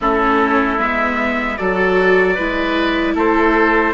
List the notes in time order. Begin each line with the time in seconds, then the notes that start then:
0.00 A3 C#4 E4 A4
0.78 G#3 B3 E5
1.57 F#3 F#4 A4 D5
2.34 G#3 E4 B4
3.14 A3 A4 C5